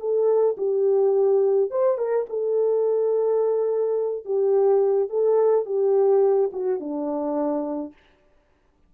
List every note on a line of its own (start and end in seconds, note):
0.00 0.57 A4
0.57 1.71 G4
1.71 1.98 C5
1.98 2.26 A#4
2.30 4.25 A4
4.25 5.10 G4
5.10 5.66 A4
5.66 6.51 G4
6.53 6.80 F#4
6.80 7.93 D4